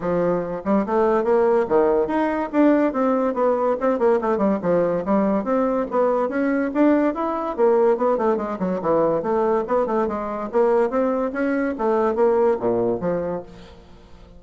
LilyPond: \new Staff \with { instrumentName = "bassoon" } { \time 4/4 \tempo 4 = 143 f4. g8 a4 ais4 | dis4 dis'4 d'4 c'4 | b4 c'8 ais8 a8 g8 f4 | g4 c'4 b4 cis'4 |
d'4 e'4 ais4 b8 a8 | gis8 fis8 e4 a4 b8 a8 | gis4 ais4 c'4 cis'4 | a4 ais4 ais,4 f4 | }